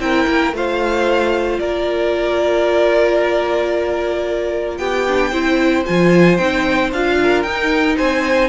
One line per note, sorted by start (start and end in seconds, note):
0.00 0.27 C4
0.00 0.53 E4
0.00 0.56 A#4
0.00 0.54 G5
0.28 0.53 A#3
0.53 1.59 A3
0.53 5.06 F4
0.53 1.60 C5
0.53 1.60 F5
1.60 4.79 A#3
1.60 4.79 A#4
1.60 4.78 D5
4.78 5.32 B3
4.78 5.31 G4
4.78 5.84 G5
5.08 5.33 D4
5.31 5.85 C4
5.31 5.86 E4
5.31 7.17 C5
5.86 6.40 F3
5.86 6.39 F4
5.86 6.38 G#5
6.38 6.93 C4
6.38 6.92 D#4
6.38 6.91 G5
6.93 7.45 D4
6.93 7.47 F4
6.93 7.43 F5
7.23 7.97 A#4
7.43 7.98 D#4
7.43 8.49 D#4
7.43 7.96 G5
7.97 8.49 C4
7.97 8.49 C5
7.97 8.49 G#5